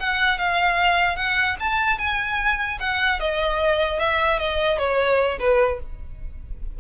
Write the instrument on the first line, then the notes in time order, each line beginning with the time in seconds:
violin
0.00 F#5
0.38 F5
1.17 F#5
1.60 A5
1.98 G#5
2.80 F#5
3.20 D#5
4.00 E5
4.39 D#5
4.79 C#5
5.40 B4